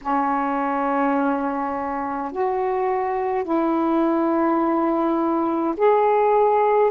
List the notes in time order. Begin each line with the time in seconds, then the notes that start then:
0.01 C#4
2.31 F#4
3.44 E4
5.76 G#4